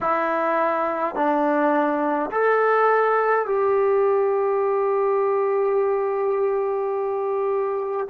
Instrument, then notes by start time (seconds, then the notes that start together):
trombone
0.00 E4
1.15 D4
2.30 A4
3.46 G4